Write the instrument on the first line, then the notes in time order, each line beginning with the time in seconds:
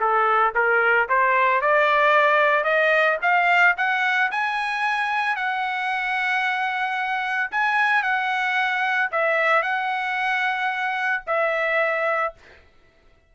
trumpet
0.00 A4
0.55 A#4
1.09 C5
1.61 D5
2.64 D#5
3.22 F5
3.77 F#5
4.31 G#5
5.36 F#5
7.51 G#5
8.03 F#5
9.11 E5
9.62 F#5
11.27 E5